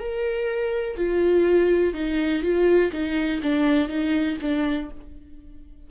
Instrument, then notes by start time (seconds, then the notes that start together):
viola
0.00 A#4
0.97 F4
1.94 D#4
2.43 F4
2.92 D#4
3.43 D4
3.89 D#4
4.42 D4